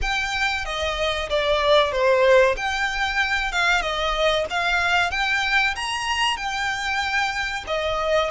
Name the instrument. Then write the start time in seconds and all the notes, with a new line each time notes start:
violin
0.01 G5
0.65 D#5
1.29 D5
1.91 C5
2.56 G5
3.52 F5
3.81 D#5
4.49 F5
5.11 G5
5.75 A#5
6.36 G5
7.67 D#5